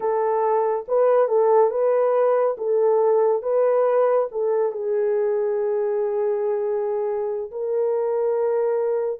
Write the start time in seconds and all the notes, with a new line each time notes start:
0.00 A4
0.88 B4
1.28 A4
1.70 B4
2.57 A4
3.42 B4
4.31 A4
4.72 G#4
7.51 A#4